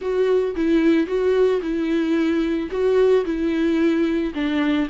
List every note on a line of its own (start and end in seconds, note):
0.01 0.55 F#4
0.55 1.07 E4
1.07 1.61 F#4
1.61 2.69 E4
2.71 3.25 F#4
3.25 4.33 E4
4.34 4.88 D4